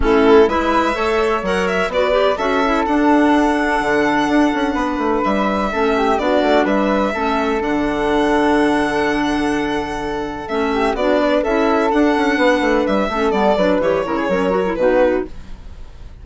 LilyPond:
<<
  \new Staff \with { instrumentName = "violin" } { \time 4/4 \tempo 4 = 126 a'4 e''2 fis''8 e''8 | d''4 e''4 fis''2~ | fis''2. e''4~ | e''4 d''4 e''2 |
fis''1~ | fis''2 e''4 d''4 | e''4 fis''2 e''4 | d''4 cis''2 b'4 | }
  \new Staff \with { instrumentName = "flute" } { \time 4/4 e'4 b'4 cis''2 | b'4 a'2.~ | a'2 b'2 | a'8 g'8 fis'4 b'4 a'4~ |
a'1~ | a'2~ a'8 g'8 fis'8 b'8 | a'2 b'4. a'8~ | a'8 b'4 ais'16 gis'16 ais'4 fis'4 | }
  \new Staff \with { instrumentName = "clarinet" } { \time 4/4 cis'4 e'4 a'4 ais'4 | fis'8 g'8 fis'8 e'8 d'2~ | d'1 | cis'4 d'2 cis'4 |
d'1~ | d'2 cis'4 d'4 | e'4 d'2~ d'8 cis'8 | b8 d'8 g'8 e'8 cis'8 fis'16 e'16 dis'4 | }
  \new Staff \with { instrumentName = "bassoon" } { \time 4/4 a4 gis4 a4 fis4 | b4 cis'4 d'2 | d4 d'8 cis'8 b8 a8 g4 | a4 b8 a8 g4 a4 |
d1~ | d2 a4 b4 | cis'4 d'8 cis'8 b8 a8 g8 a8 | g8 fis8 e8 cis8 fis4 b,4 | }
>>